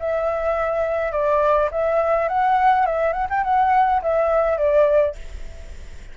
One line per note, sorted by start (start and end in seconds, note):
0.00 1.12 E5
1.12 1.70 D5
1.72 2.29 E5
2.29 2.86 F#5
2.86 3.13 E5
3.13 3.28 F#5
3.30 3.44 G5
3.44 4.02 F#5
4.03 4.58 E5
4.58 5.15 D5